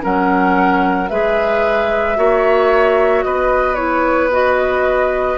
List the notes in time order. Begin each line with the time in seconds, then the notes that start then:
0.00 F#3 C#4 A#4 F#5
1.08 G#3 G#4 B4 E5
2.15 A#3 F#4 C#5
3.23 B3 B4 D#5
3.74 E4 C#5
4.31 F#4 D#5